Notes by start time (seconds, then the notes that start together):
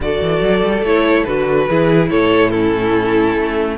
0.00 D3 F#4 A4 D5
0.21 E3
0.42 F#3
0.63 G3
0.82 A3 E4 C#5
1.24 D3 F#4 B4
1.68 E3 E4 G#4
2.09 A2 A4 C#5
2.50 C#4 E4 A4
3.36 A3